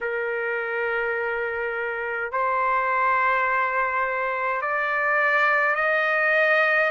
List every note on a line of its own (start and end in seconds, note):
0.01 2.31 A#4
2.31 4.62 C5
4.62 5.75 D5
5.75 6.90 D#5